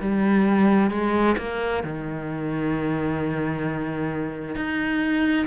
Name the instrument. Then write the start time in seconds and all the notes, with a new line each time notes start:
cello
0.00 G3
0.90 G#3
1.38 A#3
1.83 D#3
4.55 D#4